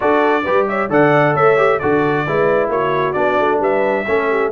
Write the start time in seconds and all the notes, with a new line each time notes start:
0.00 D4 F#4 A4 D5
0.44 G3 G4 B4
0.67 C#5 E5
0.89 D3 A4 D5 F#5
1.33 A3 C#5 E5
1.57 G4
1.79 D3 F#4 A4 D5
2.27 G#3 E4 B4
2.68 A#3 F#4 C#5
3.13 B3 D4 D5
3.39 A3
3.59 G3 B4 E5
4.07 A3 C#4 A4
4.29 G4